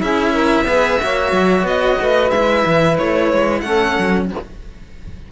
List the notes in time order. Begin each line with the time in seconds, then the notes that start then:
0.00 C#4 E4 G#4 E5
0.32 A#4
0.64 B3 G#4 B4
1.00 A#3 F#4 C#5
1.32 F#3
1.63 B3 D#5
2.00 A3 B4
2.31 G#3 E4 E5
2.66 E3
2.98 A3 C#5
3.33 G#3
3.61 A3 C#4 A4 F#5
3.99 F#3